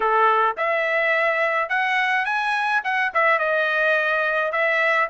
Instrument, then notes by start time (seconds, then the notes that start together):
trumpet
0.00 A4
0.57 E5
1.69 F#5
2.25 G#5
2.84 F#5
3.14 E5
3.38 D#5
4.51 E5